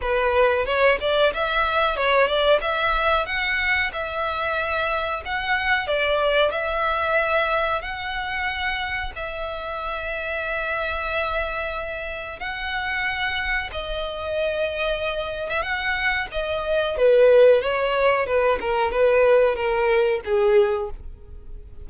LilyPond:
\new Staff \with { instrumentName = "violin" } { \time 4/4 \tempo 4 = 92 b'4 cis''8 d''8 e''4 cis''8 d''8 | e''4 fis''4 e''2 | fis''4 d''4 e''2 | fis''2 e''2~ |
e''2. fis''4~ | fis''4 dis''2~ dis''8. e''16 | fis''4 dis''4 b'4 cis''4 | b'8 ais'8 b'4 ais'4 gis'4 | }